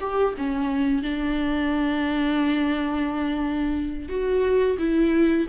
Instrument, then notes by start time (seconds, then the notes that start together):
viola
0.00 G4
0.37 C#4
1.02 D4
4.08 F#4
4.78 E4